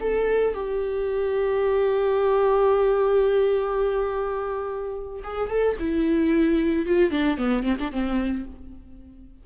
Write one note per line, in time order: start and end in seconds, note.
0.00 0.54 A4
0.54 5.22 G4
5.23 5.49 G#4
5.49 5.76 A4
5.79 6.86 E4
6.86 7.10 F4
7.10 7.37 D4
7.37 7.63 B3
7.63 7.76 C4
7.79 7.91 D4
7.91 8.45 C4